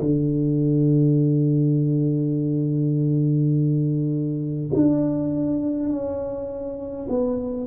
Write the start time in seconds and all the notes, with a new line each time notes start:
0.00 D3
4.74 D4
5.89 C#4
7.09 B3